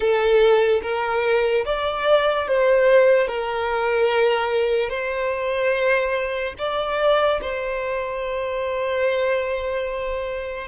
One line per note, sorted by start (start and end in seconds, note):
0.00 0.81 A4
0.82 1.64 A#4
1.65 2.47 D5
2.47 3.27 C5
3.27 4.89 A#4
4.89 6.54 C5
6.58 7.40 D5
7.41 10.67 C5